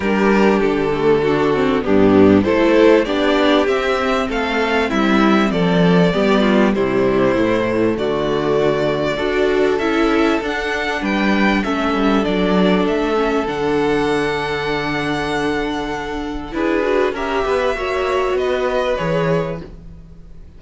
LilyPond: <<
  \new Staff \with { instrumentName = "violin" } { \time 4/4 \tempo 4 = 98 ais'4 a'2 g'4 | c''4 d''4 e''4 f''4 | e''4 d''2 c''4~ | c''4 d''2. |
e''4 fis''4 g''4 e''4 | d''4 e''4 fis''2~ | fis''2. b'4 | e''2 dis''4 cis''4 | }
  \new Staff \with { instrumentName = "violin" } { \time 4/4 g'2 fis'4 d'4 | a'4 g'2 a'4 | e'4 a'4 g'8 f'8 e'4~ | e'4 fis'2 a'4~ |
a'2 b'4 a'4~ | a'1~ | a'2. gis'4 | ais'8 b'8 cis''4 b'2 | }
  \new Staff \with { instrumentName = "viola" } { \time 4/4 d'4. a8 d'8 c'8 b4 | e'4 d'4 c'2~ | c'2 b4 g4 | a2. fis'4 |
e'4 d'2 cis'4 | d'4. cis'8 d'2~ | d'2. e'8 fis'8 | g'4 fis'2 gis'4 | }
  \new Staff \with { instrumentName = "cello" } { \time 4/4 g4 d2 g,4 | a4 b4 c'4 a4 | g4 f4 g4 c4 | a,4 d2 d'4 |
cis'4 d'4 g4 a8 g8 | fis4 a4 d2~ | d2. d'4 | cis'8 b8 ais4 b4 e4 | }
>>